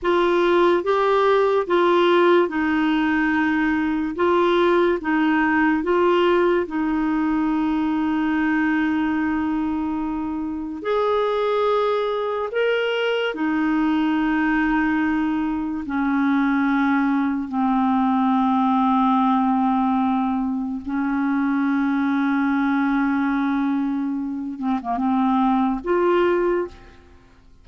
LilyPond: \new Staff \with { instrumentName = "clarinet" } { \time 4/4 \tempo 4 = 72 f'4 g'4 f'4 dis'4~ | dis'4 f'4 dis'4 f'4 | dis'1~ | dis'4 gis'2 ais'4 |
dis'2. cis'4~ | cis'4 c'2.~ | c'4 cis'2.~ | cis'4. c'16 ais16 c'4 f'4 | }